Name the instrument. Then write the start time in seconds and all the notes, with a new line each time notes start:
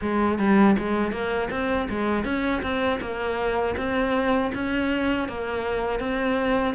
cello
0.01 G#3
0.39 G3
0.78 G#3
1.11 A#3
1.50 C4
1.89 G#3
2.24 C#4
2.62 C4
3.00 A#3
3.76 C4
4.54 C#4
5.28 A#3
5.99 C4